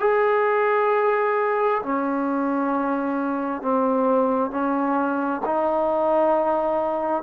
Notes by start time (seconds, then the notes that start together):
0.00 G#4
1.83 C#4
3.62 C4
4.51 C#4
5.45 D#4